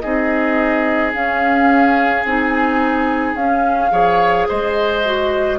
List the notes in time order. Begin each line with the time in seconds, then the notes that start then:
0.00 C4 D#4 G#4 D#5
1.13 C#4 F5
2.25 C4 D#4 G#5
3.34 C#4 F5
3.91 F3 G#4 C#5
4.48 G#3 C5 D#5
5.05 F#4